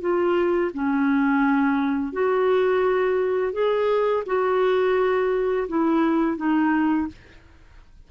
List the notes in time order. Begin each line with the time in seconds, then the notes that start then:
0.00 F4
0.73 C#4
2.12 F#4
3.52 G#4
4.26 F#4
5.68 E4
6.37 D#4